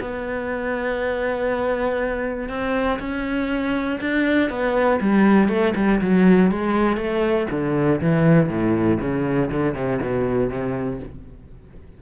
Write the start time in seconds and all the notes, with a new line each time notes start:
0.00 B3
2.49 C4
2.99 C#4
4.00 D4
4.49 B3
5.00 G3
5.48 A3
5.75 G3
6.01 F#3
6.51 G#3
6.97 A3
7.50 D3
8.01 E3
8.49 A2
9.00 C#3
9.51 D3
9.74 C3
10.02 B2
10.49 C3